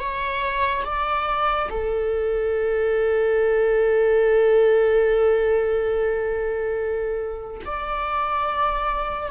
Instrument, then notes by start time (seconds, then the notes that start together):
viola
0.00 C#5
0.85 D5
1.71 A4
7.66 D5